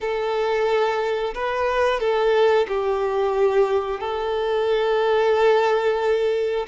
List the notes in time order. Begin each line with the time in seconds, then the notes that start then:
0.00 A4
1.34 B4
2.00 A4
2.68 G4
3.99 A4